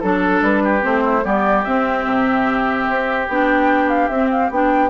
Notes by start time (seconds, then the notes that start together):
0.00 F#3 D4 A4
0.41 G3 B4
0.63 G4
0.81 A3 C4 C5
1.03 E4
1.23 G3 B3 G4 D5
1.64 C4 E5
2.05 C3
2.89 C4
3.28 B3 D4 G5
3.89 F5
4.08 C4 E5
4.31 F5
4.49 B3 D4 G5